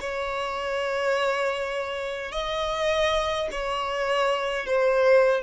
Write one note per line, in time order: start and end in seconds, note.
0.00 2.32 C#5
2.32 3.49 D#5
3.51 4.66 C#5
4.66 5.43 C5